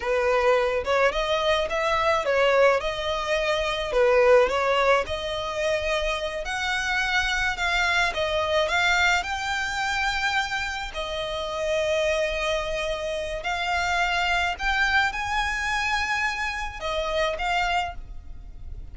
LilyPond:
\new Staff \with { instrumentName = "violin" } { \time 4/4 \tempo 4 = 107 b'4. cis''8 dis''4 e''4 | cis''4 dis''2 b'4 | cis''4 dis''2~ dis''8 fis''8~ | fis''4. f''4 dis''4 f''8~ |
f''8 g''2. dis''8~ | dis''1 | f''2 g''4 gis''4~ | gis''2 dis''4 f''4 | }